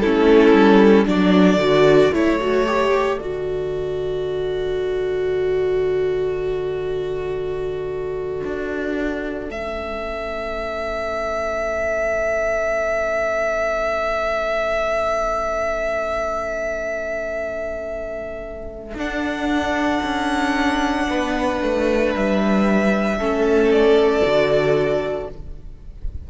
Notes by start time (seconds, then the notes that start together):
0.00 A3 C#4 E4 A4
0.53 G3
1.06 F#3 D4 A4 D5
1.57 D3 F#4
2.12 A3 E4 C#5
2.40 F#4
2.66 G4
3.18 D3 F#4 D5
8.44 D4
9.48 A3 C#4 E5
18.94 D4 F#5
20.03 C#4
21.09 B3 B4
21.62 A3
22.14 G3 E5
23.17 A3 C#4 A4
23.72 D5
24.22 D3 F#4